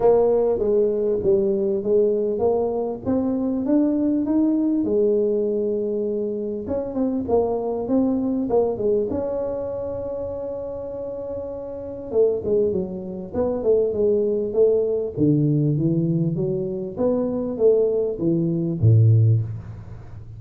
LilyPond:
\new Staff \with { instrumentName = "tuba" } { \time 4/4 \tempo 4 = 99 ais4 gis4 g4 gis4 | ais4 c'4 d'4 dis'4 | gis2. cis'8 c'8 | ais4 c'4 ais8 gis8 cis'4~ |
cis'1 | a8 gis8 fis4 b8 a8 gis4 | a4 d4 e4 fis4 | b4 a4 e4 a,4 | }